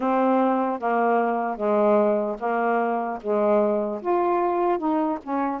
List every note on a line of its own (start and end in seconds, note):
0.00 0.79 C4
0.79 1.56 A#3
1.56 2.36 G#3
2.39 3.19 A#3
3.21 4.01 G#3
4.01 4.78 F4
4.78 5.18 D#4
5.23 5.60 C#4